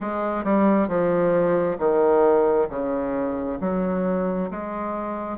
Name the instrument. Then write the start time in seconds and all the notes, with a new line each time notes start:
bassoon
0.00 G#3
0.44 G3
0.88 F3
1.78 D#3
2.69 C#3
3.60 F#3
4.50 G#3